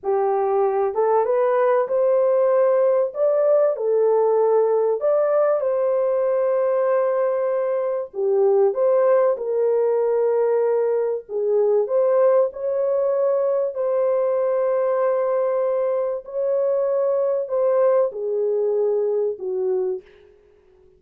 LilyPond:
\new Staff \with { instrumentName = "horn" } { \time 4/4 \tempo 4 = 96 g'4. a'8 b'4 c''4~ | c''4 d''4 a'2 | d''4 c''2.~ | c''4 g'4 c''4 ais'4~ |
ais'2 gis'4 c''4 | cis''2 c''2~ | c''2 cis''2 | c''4 gis'2 fis'4 | }